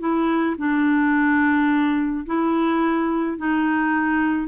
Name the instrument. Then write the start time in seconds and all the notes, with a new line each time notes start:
clarinet
0.00 E4
0.58 D4
2.26 E4
3.38 D#4